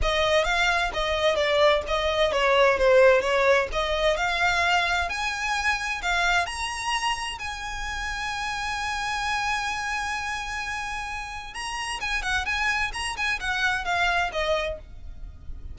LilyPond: \new Staff \with { instrumentName = "violin" } { \time 4/4 \tempo 4 = 130 dis''4 f''4 dis''4 d''4 | dis''4 cis''4 c''4 cis''4 | dis''4 f''2 gis''4~ | gis''4 f''4 ais''2 |
gis''1~ | gis''1~ | gis''4 ais''4 gis''8 fis''8 gis''4 | ais''8 gis''8 fis''4 f''4 dis''4 | }